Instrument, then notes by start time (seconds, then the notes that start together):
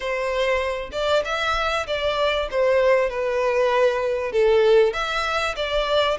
violin
0.00 C5
0.92 D5
1.24 E5
1.86 D5
2.51 C5
3.09 B4
4.32 A4
4.93 E5
5.55 D5